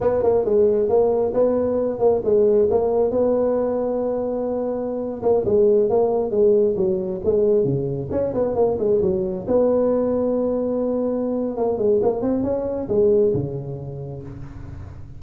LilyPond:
\new Staff \with { instrumentName = "tuba" } { \time 4/4 \tempo 4 = 135 b8 ais8 gis4 ais4 b4~ | b8 ais8 gis4 ais4 b4~ | b2.~ b8. ais16~ | ais16 gis4 ais4 gis4 fis8.~ |
fis16 gis4 cis4 cis'8 b8 ais8 gis16~ | gis16 fis4 b2~ b8.~ | b2 ais8 gis8 ais8 c'8 | cis'4 gis4 cis2 | }